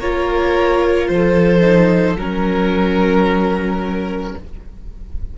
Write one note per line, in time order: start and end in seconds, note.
0.00 1.09 A#3
0.00 1.61 F4
0.00 1.09 A#4
0.00 1.08 C#5
1.08 2.17 F3
1.08 2.20 A4
1.08 2.17 C5
1.61 2.16 D#4
2.17 4.35 F#3
2.17 4.38 C#4
2.17 4.36 A#4
2.17 4.38 A#4